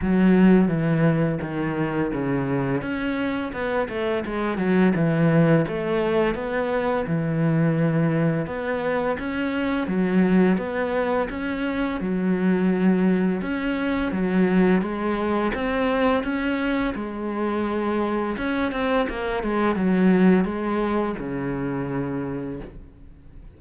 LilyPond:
\new Staff \with { instrumentName = "cello" } { \time 4/4 \tempo 4 = 85 fis4 e4 dis4 cis4 | cis'4 b8 a8 gis8 fis8 e4 | a4 b4 e2 | b4 cis'4 fis4 b4 |
cis'4 fis2 cis'4 | fis4 gis4 c'4 cis'4 | gis2 cis'8 c'8 ais8 gis8 | fis4 gis4 cis2 | }